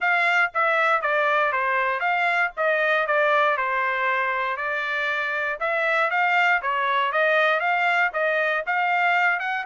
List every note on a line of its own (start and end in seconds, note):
0.00 0.51 F5
0.54 1.01 E5
1.01 1.52 D5
1.52 2.00 C5
2.00 2.51 F5
2.56 3.06 D#5
3.06 3.57 D5
3.57 4.56 C5
4.56 5.58 D5
5.59 6.10 E5
6.10 6.61 F5
6.61 7.12 C#5
7.12 7.60 D#5
7.60 8.11 F5
8.13 8.64 D#5
8.66 9.39 F5
9.39 9.64 F#5